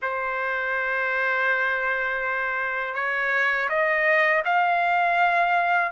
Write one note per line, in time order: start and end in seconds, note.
0.02 2.94 C5
2.94 3.68 C#5
3.69 4.43 D#5
4.44 5.91 F5